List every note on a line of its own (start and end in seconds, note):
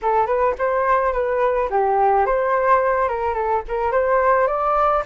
0.02 0.26 A4
0.26 0.54 B4
0.58 1.12 C5
1.12 1.68 B4
1.70 2.26 G4
2.26 3.08 C5
3.08 3.33 A#4
3.33 3.61 A4
3.67 3.91 A#4
3.91 4.47 C5
4.47 5.03 D5